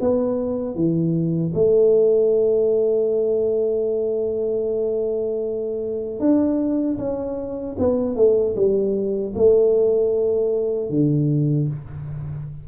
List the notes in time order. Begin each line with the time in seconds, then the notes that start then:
0.00 B3
0.75 E3
1.54 A3
6.19 D4
6.98 C#4
7.79 B3
8.16 A3
8.55 G3
9.35 A3
10.89 D3